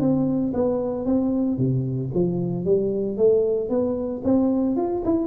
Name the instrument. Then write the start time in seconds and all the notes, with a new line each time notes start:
tuba
0.00 C4
0.54 B3
1.06 C4
1.58 C3
2.14 F3
2.65 G3
3.17 A3
3.69 B3
4.24 C4
4.76 F4
5.05 E4